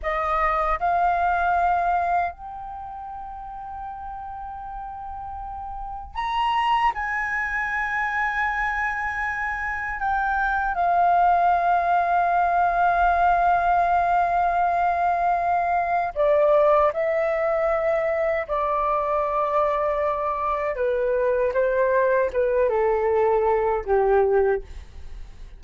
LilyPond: \new Staff \with { instrumentName = "flute" } { \time 4/4 \tempo 4 = 78 dis''4 f''2 g''4~ | g''1 | ais''4 gis''2.~ | gis''4 g''4 f''2~ |
f''1~ | f''4 d''4 e''2 | d''2. b'4 | c''4 b'8 a'4. g'4 | }